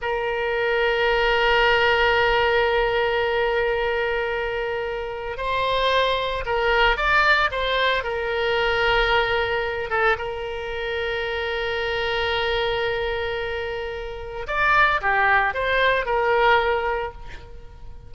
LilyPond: \new Staff \with { instrumentName = "oboe" } { \time 4/4 \tempo 4 = 112 ais'1~ | ais'1~ | ais'2 c''2 | ais'4 d''4 c''4 ais'4~ |
ais'2~ ais'8 a'8 ais'4~ | ais'1~ | ais'2. d''4 | g'4 c''4 ais'2 | }